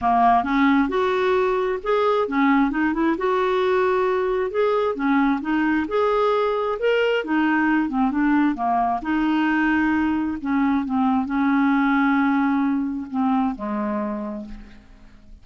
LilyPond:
\new Staff \with { instrumentName = "clarinet" } { \time 4/4 \tempo 4 = 133 ais4 cis'4 fis'2 | gis'4 cis'4 dis'8 e'8 fis'4~ | fis'2 gis'4 cis'4 | dis'4 gis'2 ais'4 |
dis'4. c'8 d'4 ais4 | dis'2. cis'4 | c'4 cis'2.~ | cis'4 c'4 gis2 | }